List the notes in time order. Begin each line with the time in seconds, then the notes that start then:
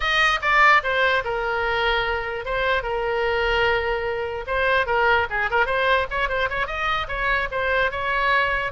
0.00 D#5
0.41 D5
0.83 C5
1.24 A#4
2.45 C5
2.82 A#4
4.46 C5
4.86 A#4
5.29 G#4
5.50 A#4
5.66 C5
6.10 C#5
6.29 C5
6.49 C#5
6.66 D#5
7.07 C#5
7.51 C5
7.91 C#5